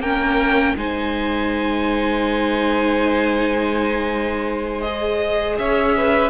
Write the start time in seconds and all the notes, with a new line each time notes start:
0.00 A#3 C#4 A#4 G5
0.75 G#3 D#4 C5 G#5
4.81 G#4 D#5
5.58 C#4 C#5 E5
5.96 B4